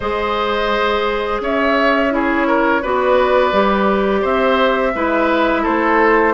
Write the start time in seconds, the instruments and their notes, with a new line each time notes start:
0.00 bassoon G#3, clarinet G#4, oboe C5, flute D#5
1.40 bassoon C#4, oboe C#5, flute E5
2.10 clarinet E4, oboe G#4, flute C#5
2.47 oboe A#4
2.81 bassoon B3, clarinet F#4, oboe B4, flute D5
3.51 bassoon G3, clarinet G4
4.21 bassoon C4, oboe C5, flute E5
4.94 bassoon G#3, clarinet E4, oboe B4
5.62 bassoon A3, oboe A4, flute C5